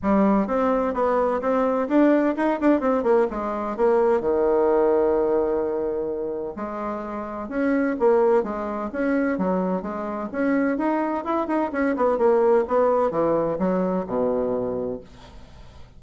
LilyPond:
\new Staff \with { instrumentName = "bassoon" } { \time 4/4 \tempo 4 = 128 g4 c'4 b4 c'4 | d'4 dis'8 d'8 c'8 ais8 gis4 | ais4 dis2.~ | dis2 gis2 |
cis'4 ais4 gis4 cis'4 | fis4 gis4 cis'4 dis'4 | e'8 dis'8 cis'8 b8 ais4 b4 | e4 fis4 b,2 | }